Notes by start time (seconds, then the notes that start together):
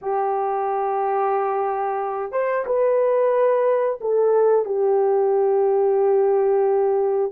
0.02 G4
2.32 C5
2.65 B4
4.00 A4
4.65 G4